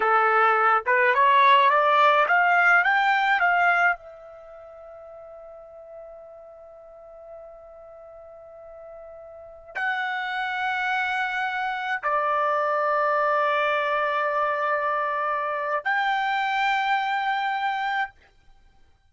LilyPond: \new Staff \with { instrumentName = "trumpet" } { \time 4/4 \tempo 4 = 106 a'4. b'8 cis''4 d''4 | f''4 g''4 f''4 e''4~ | e''1~ | e''1~ |
e''4~ e''16 fis''2~ fis''8.~ | fis''4~ fis''16 d''2~ d''8.~ | d''1 | g''1 | }